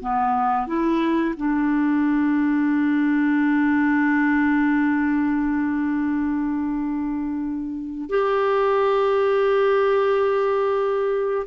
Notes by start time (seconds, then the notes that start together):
0.00 B3
0.66 E4
1.36 D4
8.09 G4